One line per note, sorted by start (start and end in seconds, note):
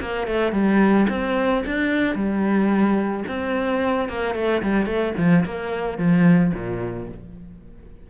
0.00 0.27 A#3
0.27 0.52 A3
0.52 1.06 G3
1.09 1.64 C4
1.66 2.15 D4
2.15 3.24 G3
3.28 4.09 C4
4.09 4.34 A#3
4.34 4.62 A3
4.62 4.86 G3
4.86 5.13 A3
5.17 5.45 F3
5.45 5.98 A#3
5.98 6.52 F3
6.54 7.08 A#2